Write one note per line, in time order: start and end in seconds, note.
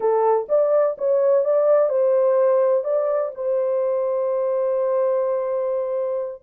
0.00 0.47 A4
0.48 0.96 D5
0.97 1.44 C#5
1.44 1.89 D5
1.89 2.84 C5
2.84 3.31 D5
3.35 6.42 C5